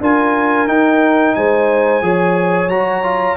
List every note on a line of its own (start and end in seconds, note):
0.00 0.67 D4
0.00 0.67 F4
0.00 1.36 A#4
0.00 0.67 G#5
0.67 1.35 D#4
0.67 2.02 D#4
0.67 1.35 G5
1.35 2.01 G#3
1.35 2.04 C5
1.35 2.69 G#5
2.01 2.68 F3
2.01 2.69 G#4
2.01 3.37 C#5
2.68 3.35 F#3
2.68 3.03 F#4
2.68 3.36 A#5
3.03 3.37 F4